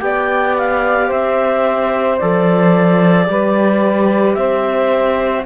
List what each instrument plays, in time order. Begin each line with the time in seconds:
0.00 cello B3, trombone G4, saxophone D5, clarinet G5
0.58 clarinet F5
1.07 cello C4, saxophone C5, clarinet E5
2.18 cello F3, trombone A4, clarinet D5
3.28 cello G3, trombone G4, saxophone B4
4.34 cello C4, saxophone C5, clarinet E5